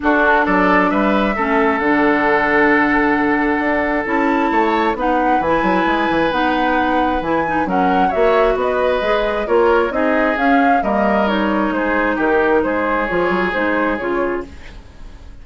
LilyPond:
<<
  \new Staff \with { instrumentName = "flute" } { \time 4/4 \tempo 4 = 133 a'4 d''4 e''2 | fis''1~ | fis''4 a''2 fis''4 | gis''2 fis''2 |
gis''4 fis''4 e''4 dis''4~ | dis''4 cis''4 dis''4 f''4 | dis''4 cis''4 c''4 ais'4 | c''4 cis''4 c''4 cis''4 | }
  \new Staff \with { instrumentName = "oboe" } { \time 4/4 fis'4 a'4 b'4 a'4~ | a'1~ | a'2 cis''4 b'4~ | b'1~ |
b'4 ais'4 cis''4 b'4~ | b'4 ais'4 gis'2 | ais'2 gis'4 g'4 | gis'1 | }
  \new Staff \with { instrumentName = "clarinet" } { \time 4/4 d'2. cis'4 | d'1~ | d'4 e'2 dis'4 | e'2 dis'2 |
e'8 dis'8 cis'4 fis'2 | gis'4 f'4 dis'4 cis'4 | ais4 dis'2.~ | dis'4 f'4 dis'4 f'4 | }
  \new Staff \with { instrumentName = "bassoon" } { \time 4/4 d'4 fis4 g4 a4 | d1 | d'4 cis'4 a4 b4 | e8 fis8 gis8 e8 b2 |
e4 fis4 ais4 b4 | gis4 ais4 c'4 cis'4 | g2 gis4 dis4 | gis4 f8 fis8 gis4 cis4 | }
>>